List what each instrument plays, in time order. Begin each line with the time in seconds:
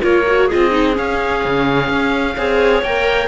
0.00 cello A#3, viola F4, clarinet A#4, oboe C#5
0.27 viola F#4
0.47 viola F4, clarinet G#4, oboe D#5
0.54 cello C4
0.71 viola D#4
0.94 viola C#4, cello C#4, oboe F5
1.45 cello C#3
1.89 cello C#4
2.37 cello C4, viola G#4, clarinet C#5
2.82 cello A#3, viola A#4, oboe G5